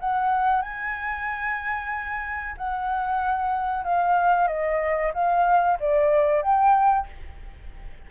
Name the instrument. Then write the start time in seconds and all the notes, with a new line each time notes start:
flute
0.00 F#5
0.62 G#5
2.57 F#5
3.84 F5
4.48 D#5
5.14 F5
5.80 D5
6.42 G5